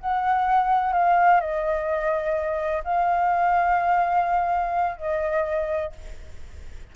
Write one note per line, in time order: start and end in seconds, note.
0.00 0.92 F#5
0.92 1.40 F5
1.40 2.83 D#5
2.84 4.97 F5
4.97 5.92 D#5